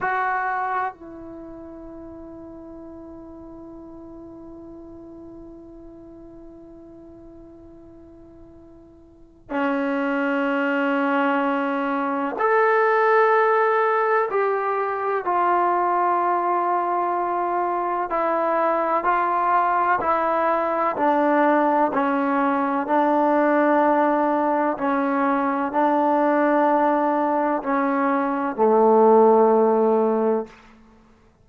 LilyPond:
\new Staff \with { instrumentName = "trombone" } { \time 4/4 \tempo 4 = 63 fis'4 e'2.~ | e'1~ | e'2 cis'2~ | cis'4 a'2 g'4 |
f'2. e'4 | f'4 e'4 d'4 cis'4 | d'2 cis'4 d'4~ | d'4 cis'4 a2 | }